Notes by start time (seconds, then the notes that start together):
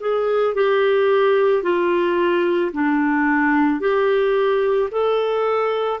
0.00 G#4
0.54 G4
1.63 F4
2.72 D4
3.80 G4
4.90 A4